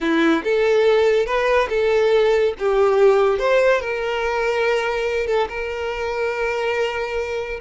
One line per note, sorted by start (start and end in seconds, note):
0.00 0.43 E4
0.43 1.26 A4
1.26 1.68 B4
1.69 2.54 A4
2.58 3.38 G4
3.38 3.80 C5
3.80 5.26 A#4
5.26 5.48 A4
5.49 7.60 A#4